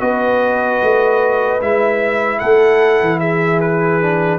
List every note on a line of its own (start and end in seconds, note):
0.00 0.80 B3
0.00 1.60 F#4
0.00 2.40 B4
0.00 1.61 D#5
0.82 1.61 A3
1.61 2.41 G#3
1.61 4.01 E4
1.61 2.39 E5
2.39 3.01 A3
2.39 3.19 A4
2.39 3.19 F#5
3.01 4.39 E3
3.19 4.39 G#4
3.19 3.60 E5
3.60 4.39 B4
4.01 4.39 D4